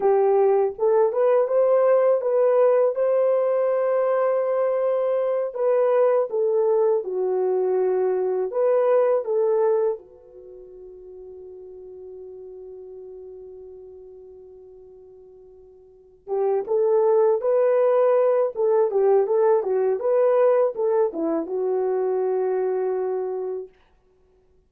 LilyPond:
\new Staff \with { instrumentName = "horn" } { \time 4/4 \tempo 4 = 81 g'4 a'8 b'8 c''4 b'4 | c''2.~ c''8 b'8~ | b'8 a'4 fis'2 b'8~ | b'8 a'4 fis'2~ fis'8~ |
fis'1~ | fis'2 g'8 a'4 b'8~ | b'4 a'8 g'8 a'8 fis'8 b'4 | a'8 e'8 fis'2. | }